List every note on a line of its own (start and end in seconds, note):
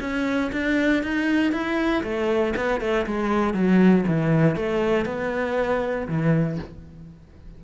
0.00 0.51 C#4
0.52 1.02 D4
1.02 1.52 D#4
1.52 2.02 E4
2.03 2.54 A3
2.56 2.80 B3
2.80 3.06 A3
3.06 3.53 G#3
3.53 4.04 F#3
4.07 4.55 E3
4.55 5.05 A3
5.05 6.07 B3
6.07 6.58 E3